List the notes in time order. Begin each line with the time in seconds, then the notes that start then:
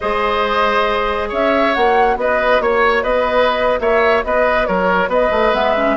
0.00 G#3 G#4 C5 D#5
1.28 C#4 C#5 E5
1.74 A#3 F#4 F#5
2.16 B3 B4 D#5
2.60 A#3 C#5
3.03 B3 B4 D#5
3.79 A#3 C#5 E5
4.24 B3 B4 D#5
4.66 F#3 A#4 C#5
5.07 B3 B4 D#5
5.31 A3
5.53 G#3 B3 E5
5.76 C#4